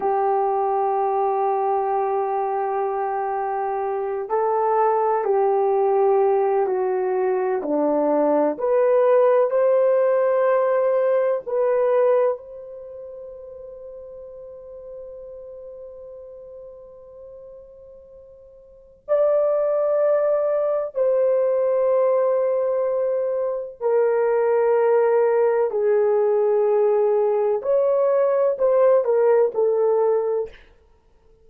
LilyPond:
\new Staff \with { instrumentName = "horn" } { \time 4/4 \tempo 4 = 63 g'1~ | g'8 a'4 g'4. fis'4 | d'4 b'4 c''2 | b'4 c''2.~ |
c''1 | d''2 c''2~ | c''4 ais'2 gis'4~ | gis'4 cis''4 c''8 ais'8 a'4 | }